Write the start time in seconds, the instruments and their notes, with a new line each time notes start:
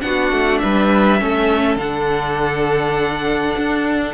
0.00 cello B3, viola D4, violin F#4 F#5
0.32 cello A3
0.58 cello G3, violin B4 E5
1.19 cello A3, viola C#4, violin A4
1.76 cello D3, viola D4, violin F#5
3.57 cello D4